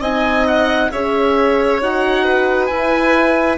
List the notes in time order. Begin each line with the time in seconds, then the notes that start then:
0.00 C4 D#4 D#5 G#5
0.47 F#5
0.92 C#4 G#4 C#5 E5
1.81 D#4 F#4 F#5
2.24 B4
2.66 E4 G#5